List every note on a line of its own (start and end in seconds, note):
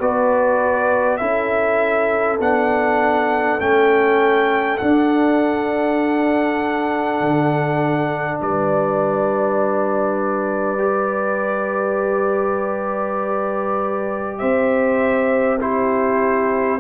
0.00 1.20 B3
0.00 1.20 F#4
0.00 1.20 B4
0.00 1.18 D5
1.18 2.39 C#4
1.18 2.40 E4
1.18 8.40 A4
1.18 2.38 E5
2.39 3.59 B3
2.39 3.60 D4
2.39 3.60 F#5
3.60 4.80 A3
3.60 4.79 C#4
3.60 4.78 G5
4.78 10.78 D4
4.78 7.21 D4
4.78 8.38 F#5
7.21 8.40 D3
8.41 14.42 G3
8.41 14.40 B4
8.41 14.38 D5
10.78 15.58 G4
14.38 16.80 C4
14.38 15.60 C5
14.38 15.59 E5
15.60 16.80 E4
15.60 16.80 G4
15.60 16.80 C5